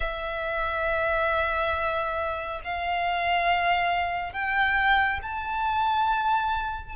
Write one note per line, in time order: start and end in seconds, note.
0.00 2.60 E5
2.64 4.32 F5
4.32 5.19 G5
5.22 6.95 A5